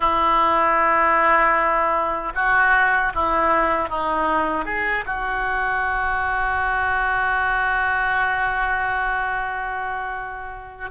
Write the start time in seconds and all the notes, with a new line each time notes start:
0.00 E4
2.34 F#4
3.14 E4
3.89 D#4
4.65 G#4
5.05 F#4